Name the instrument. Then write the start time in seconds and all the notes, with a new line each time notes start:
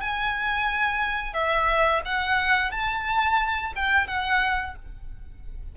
violin
0.00 G#5
1.33 E5
2.05 F#5
2.71 A5
3.76 G5
4.07 F#5